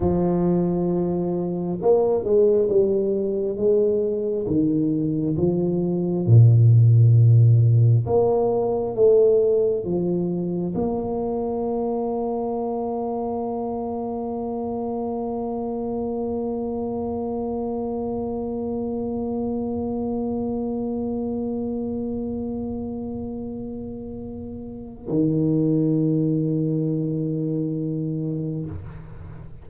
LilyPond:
\new Staff \with { instrumentName = "tuba" } { \time 4/4 \tempo 4 = 67 f2 ais8 gis8 g4 | gis4 dis4 f4 ais,4~ | ais,4 ais4 a4 f4 | ais1~ |
ais1~ | ais1~ | ais1 | dis1 | }